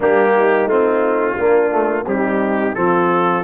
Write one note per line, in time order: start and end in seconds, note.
0.00 0.66 G3
0.00 0.69 A#3
0.00 0.32 D4
0.00 0.68 G4
0.35 1.35 D#4
0.66 1.35 A3
0.66 1.38 C4
0.66 2.06 F4
1.35 2.06 A#3
1.35 1.71 A#3
1.35 2.04 D4
1.71 2.05 A3
2.06 2.75 G3
2.06 2.75 C4
2.06 2.77 D#4
2.06 2.74 G4
2.74 3.43 F3
2.74 3.43 C4
2.74 3.43 F4
2.74 3.43 A4